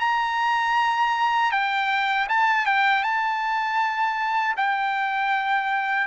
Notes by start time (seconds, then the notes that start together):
0.00 A#5
1.52 G5
2.30 A5
2.66 G5
3.03 A5
4.57 G5